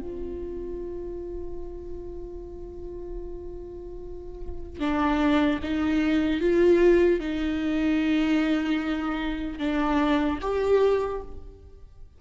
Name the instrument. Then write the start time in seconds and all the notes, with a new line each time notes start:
viola
0.00 F4
4.80 D4
5.63 D#4
6.41 F4
7.20 D#4
9.59 D4
10.41 G4